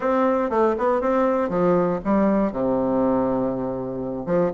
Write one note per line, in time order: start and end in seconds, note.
0.00 0.50 C4
0.50 0.75 A3
0.77 1.01 B3
1.01 1.49 C4
1.49 1.99 F3
2.04 2.52 G3
2.52 4.26 C3
4.26 4.51 F3